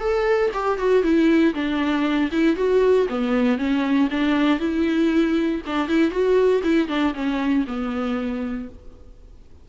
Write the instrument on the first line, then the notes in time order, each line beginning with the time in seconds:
viola
0.00 A4
0.54 G4
0.79 F#4
1.03 E4
1.55 D4
2.32 E4
2.57 F#4
3.09 B3
3.58 C#4
4.11 D4
4.60 E4
5.67 D4
5.89 E4
6.12 F#4
6.64 E4
6.89 D4
7.14 C#4
7.68 B3